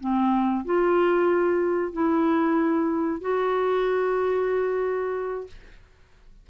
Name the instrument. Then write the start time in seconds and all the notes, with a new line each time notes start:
clarinet
0.00 C4
0.65 F4
1.92 E4
3.21 F#4